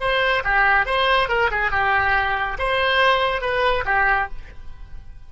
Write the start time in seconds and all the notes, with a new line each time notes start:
0.00 C5
0.44 G4
0.86 C5
1.29 A#4
1.51 G#4
1.71 G4
2.58 C5
3.41 B4
3.86 G4